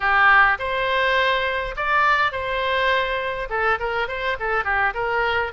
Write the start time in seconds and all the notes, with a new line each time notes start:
0.00 G4
0.58 C5
1.76 D5
2.32 C5
3.50 A4
3.79 A#4
4.08 C5
4.39 A4
4.64 G4
4.94 A#4